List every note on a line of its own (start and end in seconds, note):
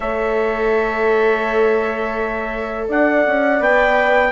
0.00 2.88 A3
0.00 3.59 A4
0.00 2.88 C#5
0.00 2.87 E5
2.88 3.25 D4
2.88 4.32 D5
2.88 3.62 F#5
3.26 3.59 C#4
3.59 4.32 B3
3.59 4.31 B4
3.59 4.32 G5